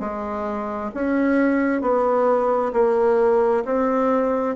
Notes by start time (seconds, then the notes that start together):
0.00 G#3
0.94 C#4
1.81 B3
2.73 A#3
3.65 C4